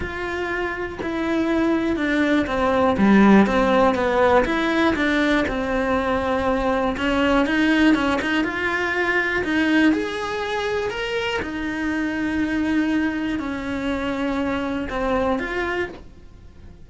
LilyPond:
\new Staff \with { instrumentName = "cello" } { \time 4/4 \tempo 4 = 121 f'2 e'2 | d'4 c'4 g4 c'4 | b4 e'4 d'4 c'4~ | c'2 cis'4 dis'4 |
cis'8 dis'8 f'2 dis'4 | gis'2 ais'4 dis'4~ | dis'2. cis'4~ | cis'2 c'4 f'4 | }